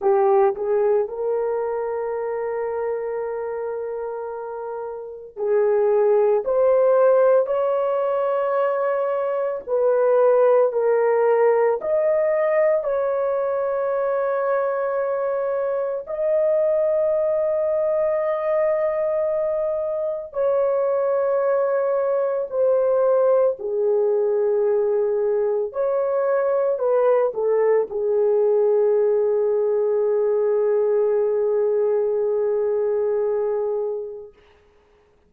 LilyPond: \new Staff \with { instrumentName = "horn" } { \time 4/4 \tempo 4 = 56 g'8 gis'8 ais'2.~ | ais'4 gis'4 c''4 cis''4~ | cis''4 b'4 ais'4 dis''4 | cis''2. dis''4~ |
dis''2. cis''4~ | cis''4 c''4 gis'2 | cis''4 b'8 a'8 gis'2~ | gis'1 | }